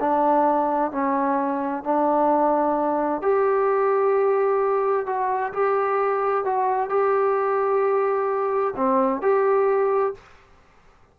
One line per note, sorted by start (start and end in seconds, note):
0.00 0.91 D4
0.91 1.84 C#4
1.84 3.22 D4
3.22 5.06 G4
5.06 5.53 F#4
5.53 6.44 G4
6.44 6.90 F#4
6.90 8.74 G4
8.76 9.22 C4
9.22 10.14 G4